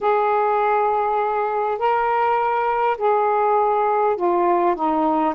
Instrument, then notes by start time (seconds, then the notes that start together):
saxophone
0.00 G#4
1.78 A#4
2.97 G#4
4.16 F4
4.75 D#4